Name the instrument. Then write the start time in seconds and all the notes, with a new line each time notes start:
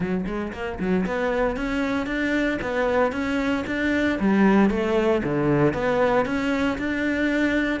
cello
0.00 F#3
0.26 G#3
0.52 A#3
0.79 F#3
1.06 B3
1.56 C#4
2.06 D4
2.61 B3
3.12 C#4
3.66 D4
4.19 G3
4.70 A3
5.23 D3
5.73 B3
6.25 C#4
6.78 D4